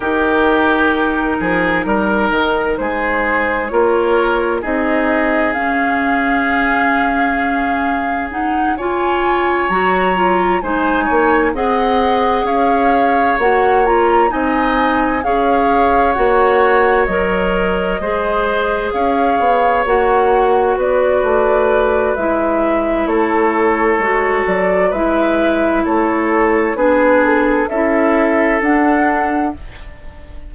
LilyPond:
<<
  \new Staff \with { instrumentName = "flute" } { \time 4/4 \tempo 4 = 65 ais'2. c''4 | cis''4 dis''4 f''2~ | f''4 fis''8 gis''4 ais''4 gis''8~ | gis''8 fis''4 f''4 fis''8 ais''8 gis''8~ |
gis''8 f''4 fis''4 dis''4.~ | dis''8 f''4 fis''4 d''4. | e''4 cis''4. d''8 e''4 | cis''4 b'8 a'8 e''4 fis''4 | }
  \new Staff \with { instrumentName = "oboe" } { \time 4/4 g'4. gis'8 ais'4 gis'4 | ais'4 gis'2.~ | gis'4. cis''2 c''8 | cis''8 dis''4 cis''2 dis''8~ |
dis''8 cis''2. c''8~ | c''8 cis''2 b'4.~ | b'4 a'2 b'4 | a'4 gis'4 a'2 | }
  \new Staff \with { instrumentName = "clarinet" } { \time 4/4 dis'1 | f'4 dis'4 cis'2~ | cis'4 dis'8 f'4 fis'8 f'8 dis'8~ | dis'8 gis'2 fis'8 f'8 dis'8~ |
dis'8 gis'4 fis'4 ais'4 gis'8~ | gis'4. fis'2~ fis'8 | e'2 fis'4 e'4~ | e'4 d'4 e'4 d'4 | }
  \new Staff \with { instrumentName = "bassoon" } { \time 4/4 dis4. f8 g8 dis8 gis4 | ais4 c'4 cis'2~ | cis'2~ cis'8 fis4 gis8 | ais8 c'4 cis'4 ais4 c'8~ |
c'8 cis'4 ais4 fis4 gis8~ | gis8 cis'8 b8 ais4 b8 a4 | gis4 a4 gis8 fis8 gis4 | a4 b4 cis'4 d'4 | }
>>